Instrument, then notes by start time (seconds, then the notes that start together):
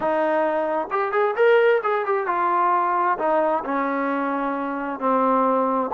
trombone
0.00 D#4
0.90 G4
1.12 G#4
1.36 A#4
1.83 G#4
2.05 G4
2.26 F4
3.18 D#4
3.64 C#4
4.99 C4